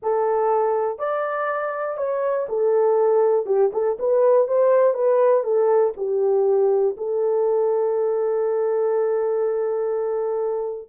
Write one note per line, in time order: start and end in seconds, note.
0.02 0.98 A4
0.98 1.97 D5
1.97 2.47 C#5
2.48 3.46 A4
3.46 3.71 G4
3.72 3.97 A4
3.99 4.47 B4
4.47 4.93 C5
4.93 5.43 B4
5.43 5.93 A4
5.97 6.96 G4
6.97 10.88 A4